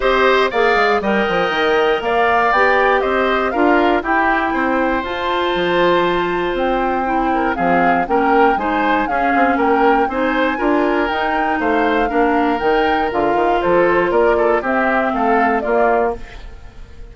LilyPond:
<<
  \new Staff \with { instrumentName = "flute" } { \time 4/4 \tempo 4 = 119 dis''4 f''4 g''2 | f''4 g''4 dis''4 f''4 | g''2 a''2~ | a''4 g''2 f''4 |
g''4 gis''4 f''4 g''4 | gis''2 g''4 f''4~ | f''4 g''4 f''4 c''4 | d''4 e''4 f''4 d''4 | }
  \new Staff \with { instrumentName = "oboe" } { \time 4/4 c''4 d''4 dis''2 | d''2 c''4 ais'4 | g'4 c''2.~ | c''2~ c''8 ais'8 gis'4 |
ais'4 c''4 gis'4 ais'4 | c''4 ais'2 c''4 | ais'2. a'4 | ais'8 a'8 g'4 a'4 f'4 | }
  \new Staff \with { instrumentName = "clarinet" } { \time 4/4 g'4 gis'4 ais'2~ | ais'4 g'2 f'4 | e'2 f'2~ | f'2 e'4 c'4 |
cis'4 dis'4 cis'2 | dis'4 f'4 dis'2 | d'4 dis'4 f'2~ | f'4 c'2 ais4 | }
  \new Staff \with { instrumentName = "bassoon" } { \time 4/4 c'4 ais8 gis8 g8 f8 dis4 | ais4 b4 c'4 d'4 | e'4 c'4 f'4 f4~ | f4 c'2 f4 |
ais4 gis4 cis'8 c'8 ais4 | c'4 d'4 dis'4 a4 | ais4 dis4 d8 dis8 f4 | ais4 c'4 a4 ais4 | }
>>